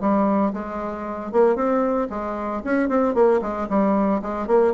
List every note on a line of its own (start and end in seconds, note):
0.00 0.53 G3
0.53 1.32 G#3
1.32 1.55 A#3
1.55 2.08 C4
2.10 2.62 G#3
2.64 2.89 C#4
2.89 3.14 C4
3.14 3.40 A#3
3.41 3.67 G#3
3.69 4.22 G3
4.22 4.47 G#3
4.47 4.73 A#3